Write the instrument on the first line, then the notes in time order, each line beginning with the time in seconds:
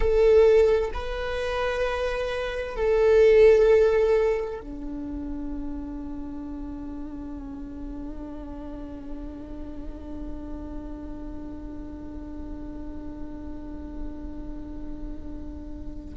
viola
0.00 A4
0.93 B4
2.76 A4
4.61 D4